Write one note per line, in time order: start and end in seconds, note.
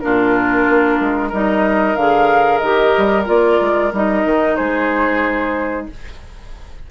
0.00 0.68 A#2
0.00 1.32 D4
0.00 1.29 F4
0.00 1.30 A#4
0.68 1.00 A#3
1.00 1.32 G#3
1.29 1.95 G3
1.29 1.98 D#4
1.29 4.55 A#4
1.29 1.96 D#5
1.95 2.61 D3
1.95 2.63 G#4
1.95 2.58 F5
2.58 2.95 D#3
2.58 3.25 G4
2.58 3.23 D#5
2.98 3.28 G3
3.25 3.60 A#3
3.25 3.90 F4
3.25 3.93 D5
3.60 3.93 G#3
3.93 4.25 G3
3.93 5.90 D#4
3.93 4.56 D#5
4.25 4.58 D#3
4.56 5.89 G#3
4.56 5.87 G#4
4.56 5.86 C5